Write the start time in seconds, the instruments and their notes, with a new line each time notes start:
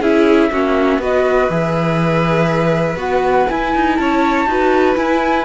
0.00 cello C#4, viola E4, violin G#4, flute E5
0.51 cello A#3, viola C#4, violin F#4
0.98 cello B3, viola F#4, violin B4, flute D#5
1.49 cello E3, viola G#4, flute E5
2.95 cello B3, viola F#4, flute F#5
3.49 viola E4, cello E4, flute G#5
3.75 cello D#4
3.96 cello C#4, violin C#5, flute A5
4.45 cello D#4, viola F#4, violin B4
4.95 viola E4, cello E4, flute G#5